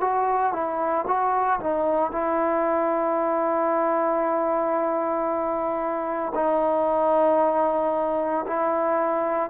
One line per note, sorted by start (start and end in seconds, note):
0.00 0.53 F#4
0.53 1.05 E4
1.07 1.60 F#4
1.60 2.11 D#4
2.11 6.33 E4
6.35 8.45 D#4
8.46 9.49 E4